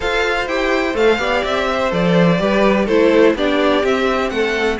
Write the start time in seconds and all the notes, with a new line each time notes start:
0.00 F4 A4 C5 F5
0.46 E4 G4 G5
0.94 A3 A4 F5
1.18 B3 G4 D5
1.44 C4 E5
1.72 C5
1.90 F3 A4 D5
2.38 G3 G4 B4
2.85 A3 E4 A4 C5
3.35 B3 D4 G4 D5
3.82 C4 E5
4.29 A3 A4 F#5